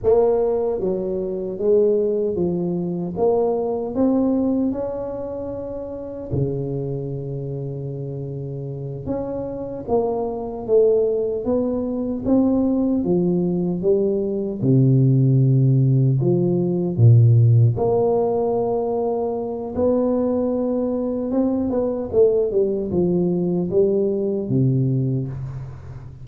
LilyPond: \new Staff \with { instrumentName = "tuba" } { \time 4/4 \tempo 4 = 76 ais4 fis4 gis4 f4 | ais4 c'4 cis'2 | cis2.~ cis8 cis'8~ | cis'8 ais4 a4 b4 c'8~ |
c'8 f4 g4 c4.~ | c8 f4 ais,4 ais4.~ | ais4 b2 c'8 b8 | a8 g8 f4 g4 c4 | }